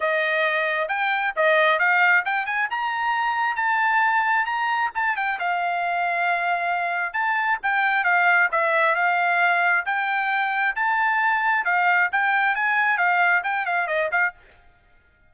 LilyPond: \new Staff \with { instrumentName = "trumpet" } { \time 4/4 \tempo 4 = 134 dis''2 g''4 dis''4 | f''4 g''8 gis''8 ais''2 | a''2 ais''4 a''8 g''8 | f''1 |
a''4 g''4 f''4 e''4 | f''2 g''2 | a''2 f''4 g''4 | gis''4 f''4 g''8 f''8 dis''8 f''8 | }